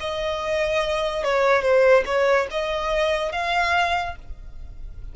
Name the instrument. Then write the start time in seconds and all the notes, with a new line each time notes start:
violin
0.00 D#5
1.23 C#5
1.62 C5
2.05 C#5
2.50 D#5
3.32 F5